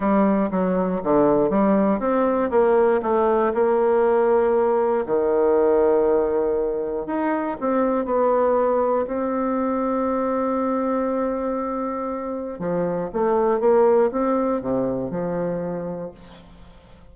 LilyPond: \new Staff \with { instrumentName = "bassoon" } { \time 4/4 \tempo 4 = 119 g4 fis4 d4 g4 | c'4 ais4 a4 ais4~ | ais2 dis2~ | dis2 dis'4 c'4 |
b2 c'2~ | c'1~ | c'4 f4 a4 ais4 | c'4 c4 f2 | }